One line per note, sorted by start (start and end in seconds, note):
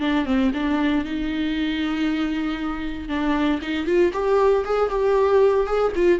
0.00 0.25 D4
0.25 0.51 C4
0.54 1.04 D4
1.04 3.08 D#4
3.08 3.60 D4
3.61 3.86 D#4
3.86 4.12 F4
4.13 4.64 G4
4.65 4.90 G#4
4.90 5.66 G4
5.66 5.92 G#4
5.95 6.19 F4